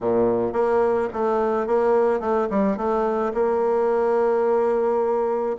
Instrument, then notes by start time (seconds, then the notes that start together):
bassoon
0.00 A#2
0.52 A#3
1.13 A3
1.66 A#3
2.20 A3
2.50 G3
2.77 A3
3.34 A#3